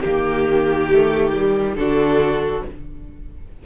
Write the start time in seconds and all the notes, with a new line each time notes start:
0.00 D#3 A#3 G4
0.92 A3
1.33 G3
1.74 D3 D4 F#4 A4